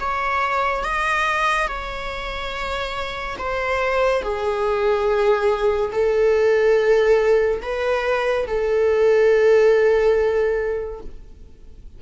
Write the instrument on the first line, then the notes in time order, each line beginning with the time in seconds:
viola
0.00 C#5
0.84 D#5
1.67 C#5
3.38 C5
4.22 G#4
5.92 A4
7.62 B4
8.47 A4